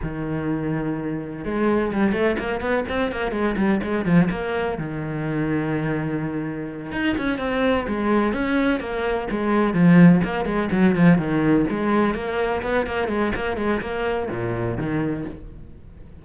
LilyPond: \new Staff \with { instrumentName = "cello" } { \time 4/4 \tempo 4 = 126 dis2. gis4 | g8 a8 ais8 b8 c'8 ais8 gis8 g8 | gis8 f8 ais4 dis2~ | dis2~ dis8 dis'8 cis'8 c'8~ |
c'8 gis4 cis'4 ais4 gis8~ | gis8 f4 ais8 gis8 fis8 f8 dis8~ | dis8 gis4 ais4 b8 ais8 gis8 | ais8 gis8 ais4 ais,4 dis4 | }